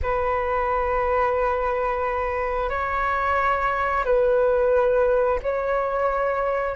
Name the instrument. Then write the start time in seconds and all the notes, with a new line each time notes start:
flute
0.02 B4
2.69 C#5
4.04 B4
5.42 C#5